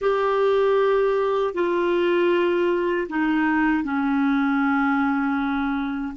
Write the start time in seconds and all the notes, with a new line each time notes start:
0.01 G4
1.53 F4
3.09 D#4
3.83 C#4